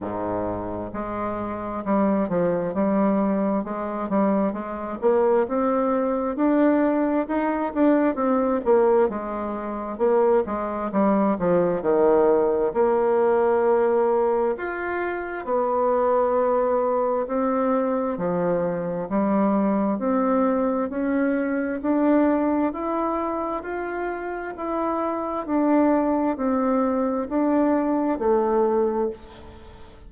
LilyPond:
\new Staff \with { instrumentName = "bassoon" } { \time 4/4 \tempo 4 = 66 gis,4 gis4 g8 f8 g4 | gis8 g8 gis8 ais8 c'4 d'4 | dis'8 d'8 c'8 ais8 gis4 ais8 gis8 | g8 f8 dis4 ais2 |
f'4 b2 c'4 | f4 g4 c'4 cis'4 | d'4 e'4 f'4 e'4 | d'4 c'4 d'4 a4 | }